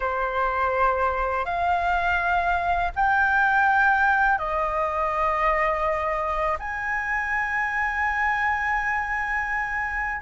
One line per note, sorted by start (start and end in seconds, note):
0.00 1.45 C5
1.45 2.91 F5
2.95 4.38 G5
4.38 6.57 D#5
6.59 10.21 G#5